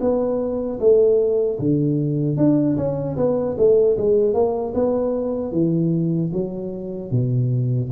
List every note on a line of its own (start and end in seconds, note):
0.00 0.79 B3
0.80 1.59 A3
1.59 2.37 D3
2.37 2.77 D4
2.77 3.17 C#4
3.17 3.56 B3
3.58 3.97 A3
3.97 4.34 G#3
4.34 4.73 A#3
4.74 5.52 B3
5.52 6.31 E3
6.33 7.11 F#3
7.11 7.90 B2